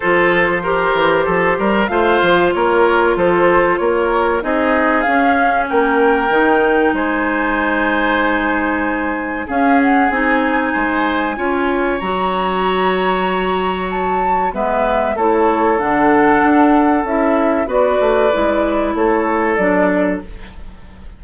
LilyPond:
<<
  \new Staff \with { instrumentName = "flute" } { \time 4/4 \tempo 4 = 95 c''2. f''4 | cis''4 c''4 cis''4 dis''4 | f''4 g''2 gis''4~ | gis''2. f''8 fis''8 |
gis''2. ais''4~ | ais''2 a''4 e''4 | cis''4 fis''2 e''4 | d''2 cis''4 d''4 | }
  \new Staff \with { instrumentName = "oboe" } { \time 4/4 a'4 ais'4 a'8 ais'8 c''4 | ais'4 a'4 ais'4 gis'4~ | gis'4 ais'2 c''4~ | c''2. gis'4~ |
gis'4 c''4 cis''2~ | cis''2. b'4 | a'1 | b'2 a'2 | }
  \new Staff \with { instrumentName = "clarinet" } { \time 4/4 f'4 g'2 f'4~ | f'2. dis'4 | cis'2 dis'2~ | dis'2. cis'4 |
dis'2 f'4 fis'4~ | fis'2. b4 | e'4 d'2 e'4 | fis'4 e'2 d'4 | }
  \new Staff \with { instrumentName = "bassoon" } { \time 4/4 f4. e8 f8 g8 a8 f8 | ais4 f4 ais4 c'4 | cis'4 ais4 dis4 gis4~ | gis2. cis'4 |
c'4 gis4 cis'4 fis4~ | fis2. gis4 | a4 d4 d'4 cis'4 | b8 a8 gis4 a4 fis4 | }
>>